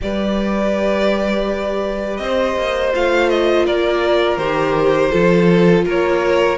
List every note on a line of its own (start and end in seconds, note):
0.01 2.19 G3
0.01 2.93 G4
0.01 2.22 B4
0.01 2.17 D5
2.17 2.55 C4
2.17 3.66 C5
2.17 2.90 D#5
2.57 2.93 A#3
2.93 3.67 A3
2.93 4.38 F4
2.93 3.29 F5
3.29 3.65 D#5
3.66 4.37 A#3
3.66 5.11 A#4
3.66 4.37 D5
4.37 5.10 D#3
4.37 5.10 G4
4.37 5.83 C5
5.10 5.85 F3
5.10 6.57 F4
5.10 5.84 A4
5.85 6.58 A#3
5.85 6.58 A#4
5.85 6.58 C#5